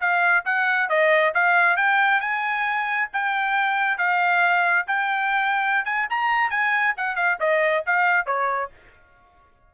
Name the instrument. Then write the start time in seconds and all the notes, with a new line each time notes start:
trumpet
0.00 F5
0.45 F#5
0.89 D#5
1.34 F5
1.76 G5
2.21 G#5
3.13 G5
3.97 F5
4.87 G5
5.85 G#5
6.10 A#5
6.50 G#5
6.97 F#5
7.16 F5
7.40 D#5
7.86 F5
8.26 C#5